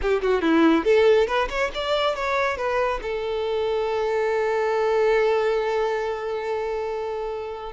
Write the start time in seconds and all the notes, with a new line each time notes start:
0.01 G4
0.22 F#4
0.41 E4
0.84 A4
1.27 B4
1.49 C#5
1.74 D5
2.15 C#5
2.57 B4
3.02 A4